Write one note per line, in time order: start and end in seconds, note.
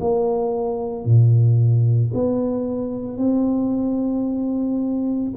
0.00 1.05 A#3
1.05 2.12 A#2
2.14 3.17 B3
3.17 5.31 C4